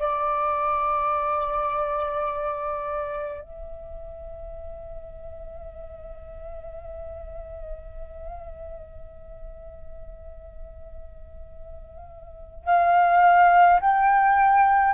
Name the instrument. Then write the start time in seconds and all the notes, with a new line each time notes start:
flute
0.00 D5
3.41 E5
12.65 F5
13.81 G5